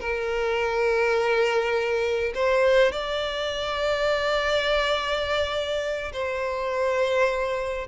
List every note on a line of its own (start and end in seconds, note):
0.00 2.33 A#4
2.35 2.92 C5
2.92 6.12 D5
6.12 7.87 C5